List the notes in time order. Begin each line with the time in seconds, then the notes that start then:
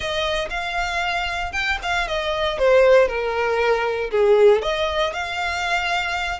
0.00 D#5
0.49 F5
1.52 G5
1.82 F5
2.07 D#5
2.58 C5
3.07 A#4
4.10 G#4
4.62 D#5
5.13 F5